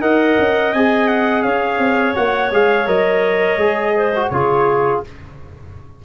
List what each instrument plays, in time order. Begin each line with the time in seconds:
0.00 tuba D#4, trombone A#4, clarinet D#5, trumpet F#5
0.38 tuba C#4
0.73 tuba C4, trombone G#4, trumpet G#5
1.07 trumpet F#5
1.42 tuba C#4, clarinet C#5, trumpet F5
1.78 tuba C4
2.14 tuba A#3, trombone F#4, trumpet F#5
2.51 tuba G#3, trombone G#4, trumpet F5
2.86 tuba F#3, trombone A#4, trumpet D#5
3.57 tuba G#3, trombone G#4
3.96 clarinet C5
4.15 trombone F#4
4.29 tuba C#3, trombone F4, clarinet G#4, trumpet C#5